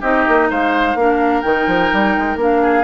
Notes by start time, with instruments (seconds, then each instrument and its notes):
0.00 bassoon C4, clarinet D#4, oboe G4, flute D#5
0.28 bassoon A#3
0.50 bassoon G#3, oboe C5, flute F5
0.94 bassoon A#3, clarinet D4, oboe A#4
1.41 bassoon D#3, clarinet D#4, flute G5
1.66 bassoon F3
1.93 bassoon G3
2.17 bassoon G#3
2.35 bassoon A#3, clarinet D4
2.42 flute F5
2.62 oboe G#4